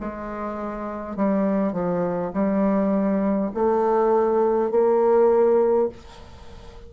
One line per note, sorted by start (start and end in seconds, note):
0.00 1.16 G#3
1.16 1.72 G3
1.72 2.31 F3
2.33 3.51 G3
3.53 4.71 A3
4.71 5.88 A#3